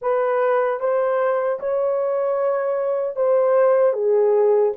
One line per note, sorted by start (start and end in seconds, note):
0.01 0.80 B4
0.80 1.59 C5
1.59 3.16 C#5
3.16 3.93 C5
3.93 4.72 G#4